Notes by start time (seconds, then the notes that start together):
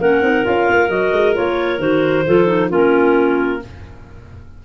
0.00 A#3 C#4 A#4 F#5
0.22 C4 D#4
0.44 C#4 F4 F5
0.70 A#3
0.89 F#3 F#4 D#5
1.13 G#3
1.33 A#3 F4 C#5
1.79 D#3 F#4 C5
2.27 F3 F4 A4
2.47 D#4
2.69 A#3 C#4 F4 A#4